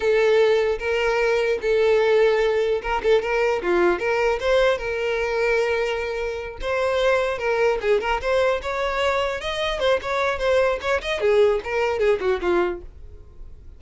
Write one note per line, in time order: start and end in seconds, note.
0.00 0.78 A4
0.78 1.58 A#4
1.61 2.81 A4
2.81 3.01 A#4
3.02 3.21 A4
3.21 3.61 A#4
3.62 3.99 F4
3.99 4.39 A#4
4.39 4.77 C5
4.77 6.57 A#4
6.61 7.38 C5
7.38 7.78 A#4
7.81 8.00 G#4
8.00 8.20 A#4
8.21 8.61 C5
8.61 9.40 C#5
9.40 9.79 D#5
9.79 9.99 C5
10.01 10.39 C#5
10.39 10.79 C5
10.81 11.01 C#5
11.01 11.20 D#5
11.20 11.60 G#4
11.64 11.99 A#4
11.99 12.19 G#4
12.20 12.40 F#4
12.41 12.81 F4